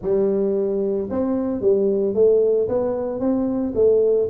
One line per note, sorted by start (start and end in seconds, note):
0.02 1.09 G3
1.10 1.61 C4
1.61 2.14 G3
2.14 2.67 A3
2.68 3.19 B3
3.19 3.73 C4
3.75 4.28 A3